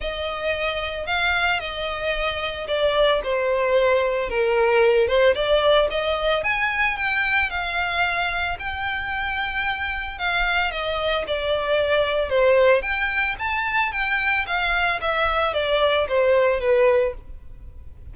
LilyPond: \new Staff \with { instrumentName = "violin" } { \time 4/4 \tempo 4 = 112 dis''2 f''4 dis''4~ | dis''4 d''4 c''2 | ais'4. c''8 d''4 dis''4 | gis''4 g''4 f''2 |
g''2. f''4 | dis''4 d''2 c''4 | g''4 a''4 g''4 f''4 | e''4 d''4 c''4 b'4 | }